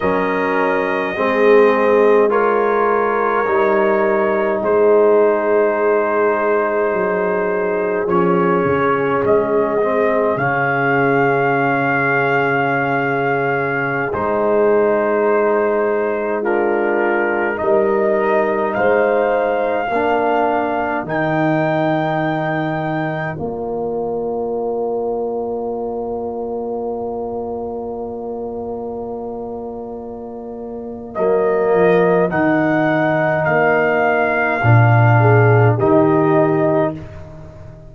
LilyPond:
<<
  \new Staff \with { instrumentName = "trumpet" } { \time 4/4 \tempo 4 = 52 dis''2 cis''2 | c''2. cis''4 | dis''4 f''2.~ | f''16 c''2 ais'4 dis''8.~ |
dis''16 f''2 g''4.~ g''16~ | g''16 d''2.~ d''8.~ | d''2. dis''4 | fis''4 f''2 dis''4 | }
  \new Staff \with { instrumentName = "horn" } { \time 4/4 ais'4 gis'4 ais'2 | gis'1~ | gis'1~ | gis'2~ gis'16 f'4 ais'8.~ |
ais'16 c''4 ais'2~ ais'8.~ | ais'1~ | ais'1~ | ais'2~ ais'8 gis'8 g'4 | }
  \new Staff \with { instrumentName = "trombone" } { \time 4/4 cis'4 c'4 f'4 dis'4~ | dis'2. cis'4~ | cis'8 c'8 cis'2.~ | cis'16 dis'2 d'4 dis'8.~ |
dis'4~ dis'16 d'4 dis'4.~ dis'16~ | dis'16 f'2.~ f'8.~ | f'2. ais4 | dis'2 d'4 dis'4 | }
  \new Staff \with { instrumentName = "tuba" } { \time 4/4 fis4 gis2 g4 | gis2 fis4 f8 cis8 | gis4 cis2.~ | cis16 gis2. g8.~ |
g16 gis4 ais4 dis4.~ dis16~ | dis16 ais2.~ ais8.~ | ais2. fis8 f8 | dis4 ais4 ais,4 dis4 | }
>>